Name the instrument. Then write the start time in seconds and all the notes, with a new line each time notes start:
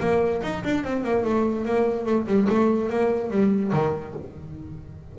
double bass
0.00 A#3
0.42 D#4
0.64 D4
0.84 C4
1.03 A#3
1.24 A3
1.65 A#3
2.05 A3
2.27 G3
2.49 A3
2.89 A#3
3.30 G3
3.73 D#3